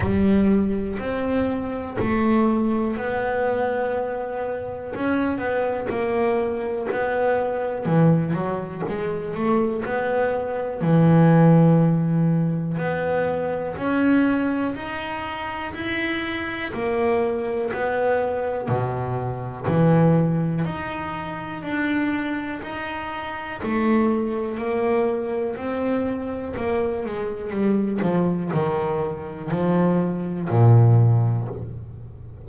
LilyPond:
\new Staff \with { instrumentName = "double bass" } { \time 4/4 \tempo 4 = 61 g4 c'4 a4 b4~ | b4 cis'8 b8 ais4 b4 | e8 fis8 gis8 a8 b4 e4~ | e4 b4 cis'4 dis'4 |
e'4 ais4 b4 b,4 | e4 dis'4 d'4 dis'4 | a4 ais4 c'4 ais8 gis8 | g8 f8 dis4 f4 ais,4 | }